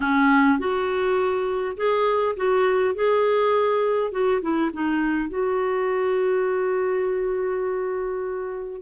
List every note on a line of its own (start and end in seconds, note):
0.00 0.58 C#4
0.59 1.76 F#4
1.76 2.35 G#4
2.36 2.94 F#4
2.94 4.11 G#4
4.11 4.41 F#4
4.41 4.71 E4
4.73 5.29 D#4
5.29 8.81 F#4